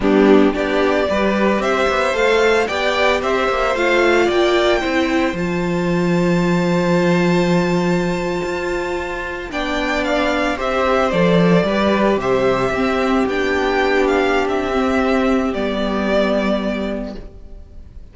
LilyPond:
<<
  \new Staff \with { instrumentName = "violin" } { \time 4/4 \tempo 4 = 112 g'4 d''2 e''4 | f''4 g''4 e''4 f''4 | g''2 a''2~ | a''1~ |
a''4.~ a''16 g''4 f''4 e''16~ | e''8. d''2 e''4~ e''16~ | e''8. g''4. f''8. e''4~ | e''4 d''2. | }
  \new Staff \with { instrumentName = "violin" } { \time 4/4 d'4 g'4 b'4 c''4~ | c''4 d''4 c''2 | d''4 c''2.~ | c''1~ |
c''4.~ c''16 d''2 c''16~ | c''4.~ c''16 b'4 c''4 g'16~ | g'1~ | g'1 | }
  \new Staff \with { instrumentName = "viola" } { \time 4/4 b4 d'4 g'2 | a'4 g'2 f'4~ | f'4 e'4 f'2~ | f'1~ |
f'4.~ f'16 d'2 g'16~ | g'8. a'4 g'2 c'16~ | c'8. d'2~ d'8. c'8~ | c'4 b2. | }
  \new Staff \with { instrumentName = "cello" } { \time 4/4 g4 b4 g4 c'8 b8 | a4 b4 c'8 ais8 a4 | ais4 c'4 f2~ | f2.~ f8. f'16~ |
f'4.~ f'16 b2 c'16~ | c'8. f4 g4 c4 c'16~ | c'8. b2~ b16 c'4~ | c'4 g2. | }
>>